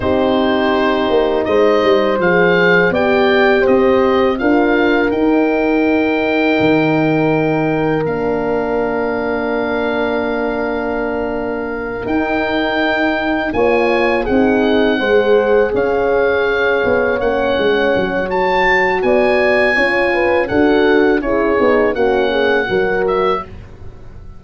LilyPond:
<<
  \new Staff \with { instrumentName = "oboe" } { \time 4/4 \tempo 4 = 82 c''2 dis''4 f''4 | g''4 dis''4 f''4 g''4~ | g''2. f''4~ | f''1~ |
f''8 g''2 gis''4 fis''8~ | fis''4. f''2 fis''8~ | fis''4 a''4 gis''2 | fis''4 cis''4 fis''4. e''8 | }
  \new Staff \with { instrumentName = "horn" } { \time 4/4 g'2 c''2 | d''4 c''4 ais'2~ | ais'1~ | ais'1~ |
ais'2~ ais'8 cis''4 gis'8~ | gis'8 c''4 cis''2~ cis''8~ | cis''2 d''4 cis''8 b'8 | a'4 gis'4 fis'8 gis'8 ais'4 | }
  \new Staff \with { instrumentName = "horn" } { \time 4/4 dis'2. gis'4 | g'2 f'4 dis'4~ | dis'2. d'4~ | d'1~ |
d'8 dis'2 f'4 dis'8~ | dis'8 gis'2. cis'8~ | cis'4 fis'2 f'4 | fis'4 e'8 dis'8 cis'4 fis'4 | }
  \new Staff \with { instrumentName = "tuba" } { \time 4/4 c'4. ais8 gis8 g8 f4 | b4 c'4 d'4 dis'4~ | dis'4 dis2 ais4~ | ais1~ |
ais8 dis'2 ais4 c'8~ | c'8 gis4 cis'4. b8 ais8 | gis8 fis4. b4 cis'4 | d'4 cis'8 b8 ais4 fis4 | }
>>